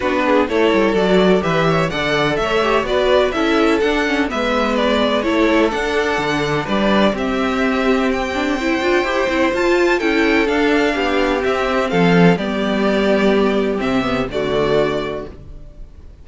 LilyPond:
<<
  \new Staff \with { instrumentName = "violin" } { \time 4/4 \tempo 4 = 126 b'4 cis''4 d''4 e''4 | fis''4 e''4 d''4 e''4 | fis''4 e''4 d''4 cis''4 | fis''2 d''4 e''4~ |
e''4 g''2. | a''4 g''4 f''2 | e''4 f''4 d''2~ | d''4 e''4 d''2 | }
  \new Staff \with { instrumentName = "violin" } { \time 4/4 fis'8 gis'8 a'2 b'8 cis''8 | d''4 cis''4 b'4 a'4~ | a'4 b'2 a'4~ | a'2 b'4 g'4~ |
g'2 c''2~ | c''4 a'2 g'4~ | g'4 a'4 g'2~ | g'2 fis'2 | }
  \new Staff \with { instrumentName = "viola" } { \time 4/4 d'4 e'4 fis'4 g'4 | a'4. g'8 fis'4 e'4 | d'8 cis'8 b2 e'4 | d'2. c'4~ |
c'4. d'8 e'8 f'8 g'8 e'8 | f'4 e'4 d'2 | c'2 b2~ | b4 c'8 b8 a2 | }
  \new Staff \with { instrumentName = "cello" } { \time 4/4 b4 a8 g8 fis4 e4 | d4 a4 b4 cis'4 | d'4 gis2 a4 | d'4 d4 g4 c'4~ |
c'2~ c'8 d'8 e'8 c'8 | f'4 cis'4 d'4 b4 | c'4 f4 g2~ | g4 c4 d2 | }
>>